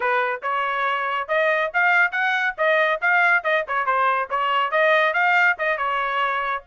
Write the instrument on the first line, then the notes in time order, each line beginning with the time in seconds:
trumpet
0.00 B4
0.42 C#5
1.28 D#5
1.73 F5
2.11 F#5
2.57 D#5
3.01 F5
3.43 D#5
3.67 C#5
3.86 C5
4.30 C#5
4.71 D#5
5.13 F5
5.58 D#5
5.77 C#5